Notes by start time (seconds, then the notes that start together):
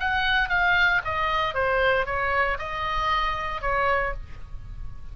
0.00 F#5
0.49 F5
1.05 D#5
1.54 C5
2.06 C#5
2.59 D#5
3.61 C#5